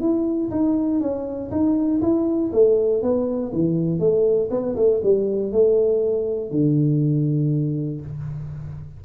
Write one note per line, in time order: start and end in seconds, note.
0.00 0.50 E4
0.50 1.00 D#4
1.01 1.51 C#4
1.51 2.01 D#4
2.01 2.51 E4
2.53 3.02 A3
3.02 3.52 B3
3.52 3.99 E3
3.99 4.49 A3
4.50 4.75 B3
4.76 5.01 A3
5.03 5.52 G3
5.52 6.51 A3
6.51 8.01 D3